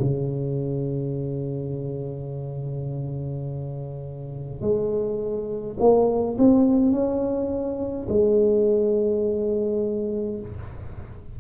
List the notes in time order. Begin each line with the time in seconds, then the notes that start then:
0.00 C#3
4.62 G#3
5.80 A#3
6.38 C4
6.92 C#4
8.09 G#3